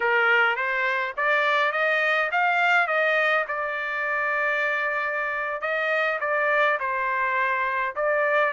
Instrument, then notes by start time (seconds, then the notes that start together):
trumpet
0.00 A#4
0.56 C5
1.16 D5
1.72 D#5
2.31 F5
2.87 D#5
3.48 D5
5.61 D#5
6.20 D5
6.79 C5
7.95 D5